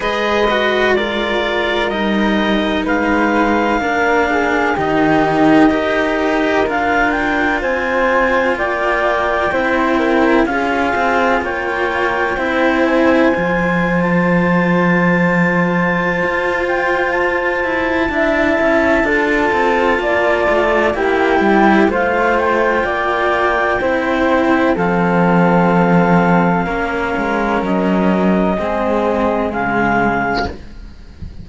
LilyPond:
<<
  \new Staff \with { instrumentName = "clarinet" } { \time 4/4 \tempo 4 = 63 dis''4 d''4 dis''4 f''4~ | f''4 dis''2 f''8 g''8 | gis''4 g''2 f''4 | g''4. gis''4~ gis''16 a''4~ a''16~ |
a''4. g''8 a''2~ | a''2 g''4 f''8 g''8~ | g''2 f''2~ | f''4 dis''2 f''4 | }
  \new Staff \with { instrumentName = "flute" } { \time 4/4 b'4 ais'2 b'4 | ais'8 gis'8 g'4 ais'2 | c''4 d''4 c''8 ais'8 gis'4 | cis''4 c''2.~ |
c''2. e''4 | a'4 d''4 g'4 c''4 | d''4 c''4 a'2 | ais'2 gis'2 | }
  \new Staff \with { instrumentName = "cello" } { \time 4/4 gis'8 fis'8 f'4 dis'2 | d'4 dis'4 g'4 f'4~ | f'2 e'4 f'4~ | f'4 e'4 f'2~ |
f'2. e'4 | f'2 e'4 f'4~ | f'4 e'4 c'2 | cis'2 c'4 gis4 | }
  \new Staff \with { instrumentName = "cello" } { \time 4/4 gis2 g4 gis4 | ais4 dis4 dis'4 d'4 | c'4 ais4 c'4 cis'8 c'8 | ais4 c'4 f2~ |
f4 f'4. e'8 d'8 cis'8 | d'8 c'8 ais8 a8 ais8 g8 a4 | ais4 c'4 f2 | ais8 gis8 fis4 gis4 cis4 | }
>>